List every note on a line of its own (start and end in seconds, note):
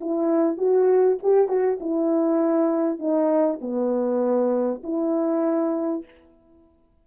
0.00 0.57 E4
0.57 1.18 F#4
1.22 1.48 G4
1.48 1.78 F#4
1.80 2.98 E4
2.98 3.59 D#4
3.61 4.82 B3
4.83 6.04 E4